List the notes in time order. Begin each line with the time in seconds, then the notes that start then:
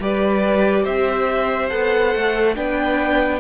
0.00 G3 G4 B4 D5
0.84 C4 C5 E5
1.69 B3 A4 F#5
2.15 A3
2.55 B3 D4 B4 G5